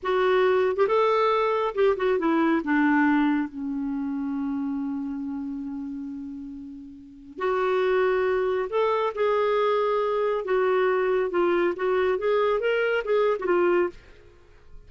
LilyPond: \new Staff \with { instrumentName = "clarinet" } { \time 4/4 \tempo 4 = 138 fis'4.~ fis'16 g'16 a'2 | g'8 fis'8 e'4 d'2 | cis'1~ | cis'1~ |
cis'4 fis'2. | a'4 gis'2. | fis'2 f'4 fis'4 | gis'4 ais'4 gis'8. fis'16 f'4 | }